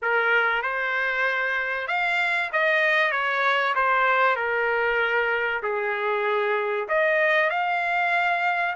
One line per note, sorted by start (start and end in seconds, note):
0.02 0.62 A#4
0.62 1.87 C5
1.88 2.50 F5
2.52 3.11 D#5
3.11 3.74 C#5
3.75 4.36 C5
4.36 5.61 A#4
5.62 6.88 G#4
6.88 7.50 D#5
7.50 8.75 F5